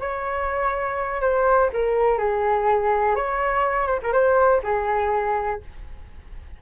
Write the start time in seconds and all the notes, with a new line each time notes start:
0.00 C#5
1.21 C5
1.73 A#4
2.18 G#4
3.15 C#5
3.87 C5
4.02 A#4
4.12 C5
4.63 G#4